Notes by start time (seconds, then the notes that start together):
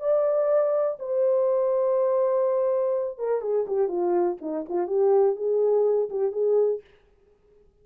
0.00 D5
0.99 C5
3.18 A#4
3.41 G#4
3.67 G4
3.88 F4
4.41 D#4
4.69 F4
4.87 G4
5.36 G#4
6.10 G4
6.32 G#4